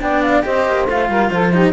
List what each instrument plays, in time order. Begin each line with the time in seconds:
0.00 cello B3 D4, saxophone D5, flute G5
0.22 flute F5
0.43 cello C4 G4, saxophone C5, flute D#5
0.68 cello A#3
0.88 cello A3 F4, flute F5
1.09 cello G3, saxophone A#4
1.30 cello F3, saxophone A4, flute C5
1.52 cello D#4, saxophone G4